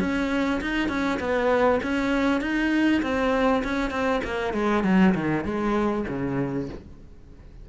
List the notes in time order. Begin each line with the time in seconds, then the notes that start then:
0.00 C#4
0.61 D#4
0.88 C#4
1.20 B3
1.83 C#4
2.41 D#4
3.02 C4
3.64 C#4
3.91 C4
4.24 A#3
4.53 G#3
4.84 F#3
5.14 D#3
5.44 G#3
6.08 C#3